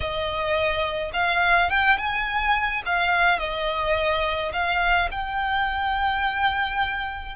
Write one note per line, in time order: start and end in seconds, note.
0.00 1.11 D#5
1.13 1.70 F5
1.70 1.97 G5
1.97 2.82 G#5
2.85 3.38 F5
3.38 4.52 D#5
4.52 5.09 F5
5.11 7.35 G5